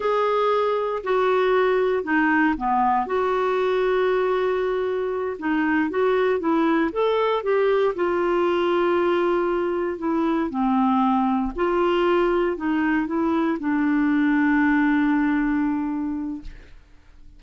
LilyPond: \new Staff \with { instrumentName = "clarinet" } { \time 4/4 \tempo 4 = 117 gis'2 fis'2 | dis'4 b4 fis'2~ | fis'2~ fis'8 dis'4 fis'8~ | fis'8 e'4 a'4 g'4 f'8~ |
f'2.~ f'8 e'8~ | e'8 c'2 f'4.~ | f'8 dis'4 e'4 d'4.~ | d'1 | }